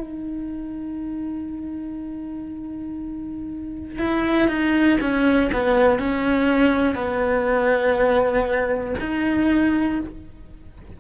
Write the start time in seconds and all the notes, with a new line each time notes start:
0.00 D#4
3.99 E4
4.48 D#4
5.00 C#4
5.53 B3
6.00 C#4
6.95 B3
9.00 D#4